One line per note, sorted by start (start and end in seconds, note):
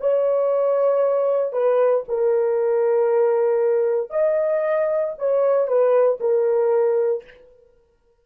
0.00 1.52 C#5
1.52 2.04 B4
2.08 4.11 A#4
4.11 5.14 D#5
5.18 5.67 C#5
5.67 6.19 B4
6.20 7.24 A#4